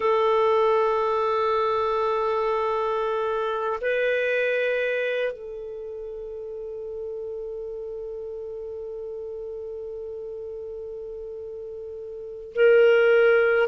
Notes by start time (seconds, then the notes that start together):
0.00 A4
3.81 B4
5.32 A4
12.54 A#4